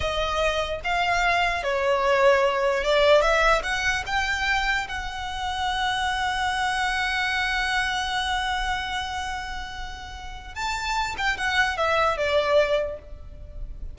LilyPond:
\new Staff \with { instrumentName = "violin" } { \time 4/4 \tempo 4 = 148 dis''2 f''2 | cis''2. d''4 | e''4 fis''4 g''2 | fis''1~ |
fis''1~ | fis''1~ | fis''2 a''4. g''8 | fis''4 e''4 d''2 | }